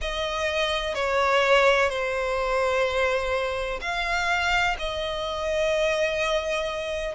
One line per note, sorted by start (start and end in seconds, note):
0.01 0.94 D#5
0.94 1.89 C#5
1.89 3.80 C5
3.81 4.76 F5
4.78 7.15 D#5